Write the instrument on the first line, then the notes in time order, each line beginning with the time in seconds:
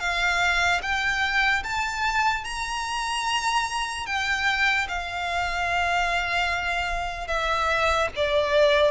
violin
0.00 F5
0.82 G5
1.64 A5
2.45 A#5
4.07 G5
4.88 F5
7.28 E5
8.16 D5